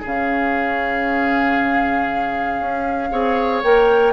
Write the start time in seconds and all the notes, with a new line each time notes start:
0.00 C#3 C#4 G#4
0.06 F5
2.59 C#4
3.11 C4 G#4 C#5
3.63 A#3 A#4 G5